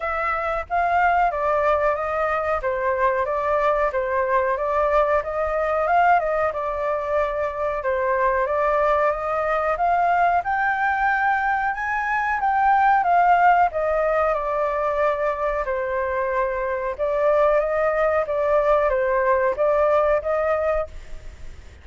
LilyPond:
\new Staff \with { instrumentName = "flute" } { \time 4/4 \tempo 4 = 92 e''4 f''4 d''4 dis''4 | c''4 d''4 c''4 d''4 | dis''4 f''8 dis''8 d''2 | c''4 d''4 dis''4 f''4 |
g''2 gis''4 g''4 | f''4 dis''4 d''2 | c''2 d''4 dis''4 | d''4 c''4 d''4 dis''4 | }